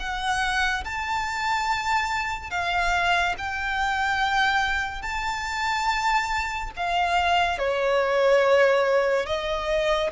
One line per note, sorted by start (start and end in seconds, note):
0.00 0.85 F#5
0.85 2.51 A5
2.51 3.35 F5
3.38 5.02 G5
5.02 6.71 A5
6.77 7.59 F5
7.59 9.26 C#5
9.26 10.11 D#5